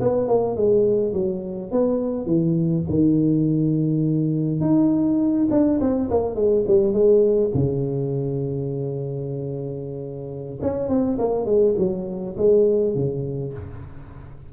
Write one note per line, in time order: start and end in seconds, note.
0.00 0.28 B3
0.28 0.56 A#3
0.56 1.13 G#3
1.13 1.71 F#3
1.72 2.26 B3
2.26 2.84 E3
2.89 4.61 D#3
4.61 5.48 D#4
5.51 5.80 D4
5.80 6.10 C4
6.11 6.35 A#3
6.35 6.65 G#3
6.67 6.93 G3
6.93 7.51 G#3
7.54 10.60 C#3
10.62 10.89 C#4
10.89 11.18 C4
11.19 11.45 A#3
11.45 11.75 G#3
11.78 12.36 F#3
12.37 12.95 G#3
12.95 13.53 C#3